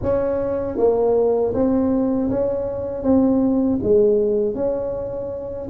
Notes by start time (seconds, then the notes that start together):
0.02 C#4
0.77 A#3
1.54 C4
2.30 C#4
3.03 C4
3.83 G#3
4.55 C#4